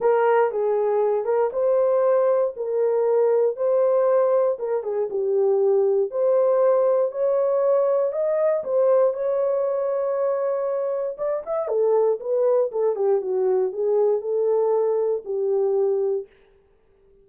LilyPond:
\new Staff \with { instrumentName = "horn" } { \time 4/4 \tempo 4 = 118 ais'4 gis'4. ais'8 c''4~ | c''4 ais'2 c''4~ | c''4 ais'8 gis'8 g'2 | c''2 cis''2 |
dis''4 c''4 cis''2~ | cis''2 d''8 e''8 a'4 | b'4 a'8 g'8 fis'4 gis'4 | a'2 g'2 | }